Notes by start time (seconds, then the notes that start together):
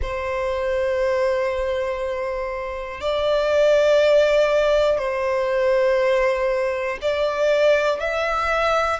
0.01 C5
3.00 D5
4.98 C5
7.01 D5
8.00 E5